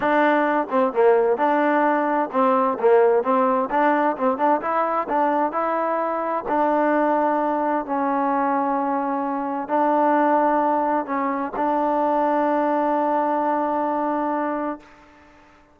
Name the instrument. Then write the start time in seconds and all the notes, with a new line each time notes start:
trombone
0.00 D4
0.69 C4
0.93 A#3
1.37 D4
2.31 C4
2.79 A#3
3.23 C4
3.70 D4
4.16 C4
4.37 D4
4.61 E4
5.09 D4
5.52 E4
6.48 D4
7.85 C#4
9.68 D4
11.05 C#4
11.56 D4